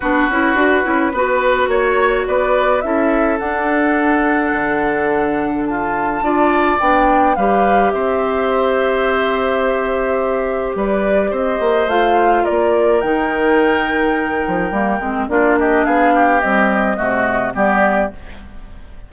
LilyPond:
<<
  \new Staff \with { instrumentName = "flute" } { \time 4/4 \tempo 4 = 106 b'2. cis''4 | d''4 e''4 fis''2~ | fis''2 a''2 | g''4 f''4 e''2~ |
e''2. d''4 | dis''4 f''4 d''4 g''4~ | g''2. d''8 dis''8 | f''4 dis''2 d''4 | }
  \new Staff \with { instrumentName = "oboe" } { \time 4/4 fis'2 b'4 cis''4 | b'4 a'2.~ | a'2 f'4 d''4~ | d''4 b'4 c''2~ |
c''2. b'4 | c''2 ais'2~ | ais'2. f'8 g'8 | gis'8 g'4. fis'4 g'4 | }
  \new Staff \with { instrumentName = "clarinet" } { \time 4/4 d'8 e'8 fis'8 e'8 fis'2~ | fis'4 e'4 d'2~ | d'2. f'4 | d'4 g'2.~ |
g'1~ | g'4 f'2 dis'4~ | dis'2 ais8 c'8 d'4~ | d'4 g4 a4 b4 | }
  \new Staff \with { instrumentName = "bassoon" } { \time 4/4 b8 cis'8 d'8 cis'8 b4 ais4 | b4 cis'4 d'2 | d2. d'4 | b4 g4 c'2~ |
c'2. g4 | c'8 ais8 a4 ais4 dis4~ | dis4. f8 g8 gis8 ais4 | b4 c'4 c4 g4 | }
>>